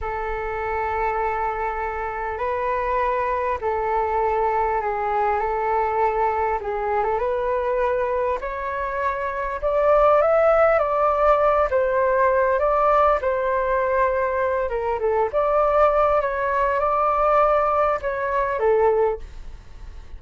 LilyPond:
\new Staff \with { instrumentName = "flute" } { \time 4/4 \tempo 4 = 100 a'1 | b'2 a'2 | gis'4 a'2 gis'8. a'16 | b'2 cis''2 |
d''4 e''4 d''4. c''8~ | c''4 d''4 c''2~ | c''8 ais'8 a'8 d''4. cis''4 | d''2 cis''4 a'4 | }